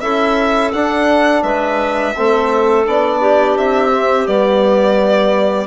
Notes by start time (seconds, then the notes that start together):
0.00 C#4 E4 A4 E5
0.72 D4 F#5
1.42 G#3 B4 E5
2.16 A3 C4 A4
2.85 B3 D4 D5
3.20 G4
3.57 C4 E5
3.92 C4
4.25 G3 B3 D5